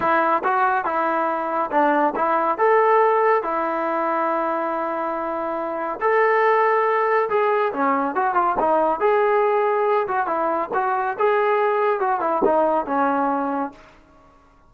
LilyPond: \new Staff \with { instrumentName = "trombone" } { \time 4/4 \tempo 4 = 140 e'4 fis'4 e'2 | d'4 e'4 a'2 | e'1~ | e'2 a'2~ |
a'4 gis'4 cis'4 fis'8 f'8 | dis'4 gis'2~ gis'8 fis'8 | e'4 fis'4 gis'2 | fis'8 e'8 dis'4 cis'2 | }